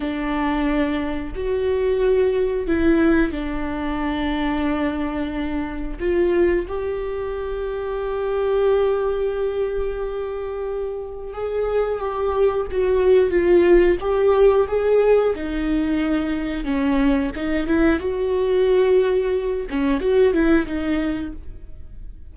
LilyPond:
\new Staff \with { instrumentName = "viola" } { \time 4/4 \tempo 4 = 90 d'2 fis'2 | e'4 d'2.~ | d'4 f'4 g'2~ | g'1~ |
g'4 gis'4 g'4 fis'4 | f'4 g'4 gis'4 dis'4~ | dis'4 cis'4 dis'8 e'8 fis'4~ | fis'4. cis'8 fis'8 e'8 dis'4 | }